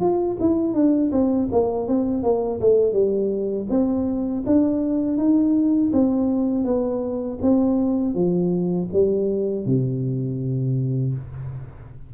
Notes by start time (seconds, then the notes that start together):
0.00 F4
0.40 E4
0.73 D4
1.11 C4
1.52 A#3
1.88 C4
2.23 A#3
2.60 A3
2.93 G3
3.69 C4
4.46 D4
5.17 D#4
5.93 C4
6.64 B3
7.41 C4
8.14 F3
8.92 G3
9.65 C3